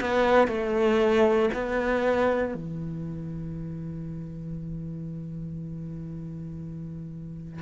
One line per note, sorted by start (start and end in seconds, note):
0.00 0.48 B3
0.48 1.49 A3
1.53 2.54 B3
2.54 7.62 E3